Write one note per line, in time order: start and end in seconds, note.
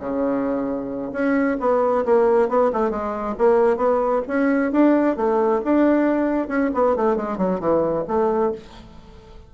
0.00 1.12 C#3
1.13 1.58 C#4
1.61 2.06 B3
2.06 2.49 A#3
2.49 2.72 B3
2.74 2.91 A3
2.91 3.36 G#3
3.39 3.77 A#3
3.77 4.22 B3
4.28 4.72 C#4
4.72 5.17 D4
5.17 5.62 A3
5.65 6.49 D4
6.49 6.71 C#4
6.75 6.96 B3
6.96 7.17 A3
7.17 7.38 G#3
7.38 7.61 F#3
7.61 8.05 E3
8.08 8.53 A3